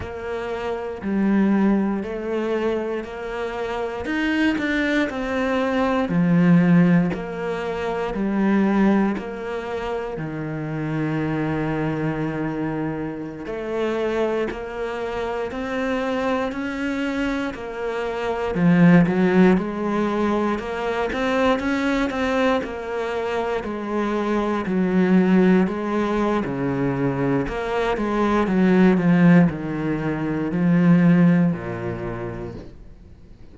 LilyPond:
\new Staff \with { instrumentName = "cello" } { \time 4/4 \tempo 4 = 59 ais4 g4 a4 ais4 | dis'8 d'8 c'4 f4 ais4 | g4 ais4 dis2~ | dis4~ dis16 a4 ais4 c'8.~ |
c'16 cis'4 ais4 f8 fis8 gis8.~ | gis16 ais8 c'8 cis'8 c'8 ais4 gis8.~ | gis16 fis4 gis8. cis4 ais8 gis8 | fis8 f8 dis4 f4 ais,4 | }